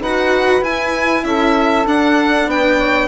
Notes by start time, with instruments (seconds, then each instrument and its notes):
0.00 bassoon D#4, cello F#4, saxophone B4, violin F#5
0.61 cello E4, bassoon E4, violin G#5
1.24 bassoon C#4, saxophone A4, violin E5
1.86 bassoon D4, cello D4, violin F#5
2.47 bassoon B3, saxophone B4, violin G5
2.77 saxophone C#5